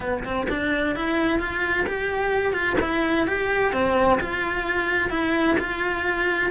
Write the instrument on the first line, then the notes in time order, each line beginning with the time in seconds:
cello
0.00 B3
0.24 C4
0.49 D4
0.95 E4
1.39 F4
1.86 G4
2.53 F4
2.80 E4
3.27 G4
3.72 C4
4.20 F4
5.10 E4
5.58 F4